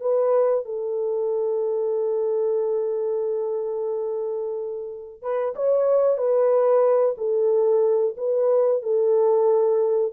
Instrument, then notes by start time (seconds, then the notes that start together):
horn
0.00 B4
0.65 A4
5.22 B4
5.55 C#5
6.17 B4
7.17 A4
8.17 B4
8.82 A4